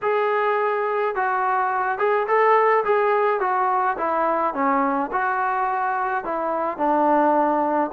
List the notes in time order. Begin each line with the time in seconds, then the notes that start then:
0.02 G#4
1.15 F#4
1.98 G#4
2.27 A4
2.84 G#4
3.40 F#4
3.97 E4
4.53 C#4
5.12 F#4
6.24 E4
6.77 D4